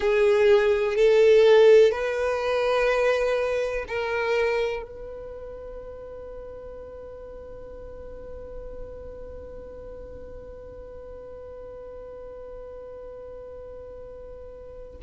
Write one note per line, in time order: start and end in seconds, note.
0.00 0.95 G#4
0.95 1.91 A4
1.91 3.85 B4
3.88 4.82 A#4
4.82 14.98 B4